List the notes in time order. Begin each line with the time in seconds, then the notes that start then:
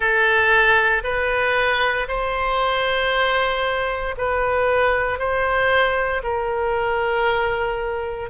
0.00 A4
1.03 B4
2.08 C5
4.17 B4
5.18 C5
6.23 A#4